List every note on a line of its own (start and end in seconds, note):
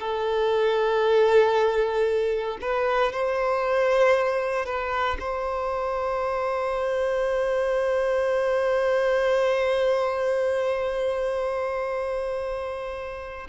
0.00 2.59 A4
2.61 3.13 B4
3.13 4.66 C5
4.66 5.18 B4
5.20 13.48 C5